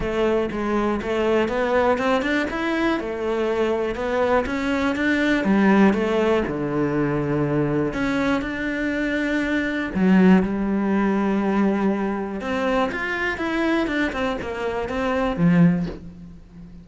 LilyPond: \new Staff \with { instrumentName = "cello" } { \time 4/4 \tempo 4 = 121 a4 gis4 a4 b4 | c'8 d'8 e'4 a2 | b4 cis'4 d'4 g4 | a4 d2. |
cis'4 d'2. | fis4 g2.~ | g4 c'4 f'4 e'4 | d'8 c'8 ais4 c'4 f4 | }